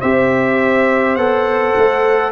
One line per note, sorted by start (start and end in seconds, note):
0.00 1.16 C4
0.00 1.18 G4
0.00 2.31 C5
0.00 1.15 E5
1.15 1.74 B3
1.15 2.31 A4
1.15 2.31 F#5
1.76 2.31 A3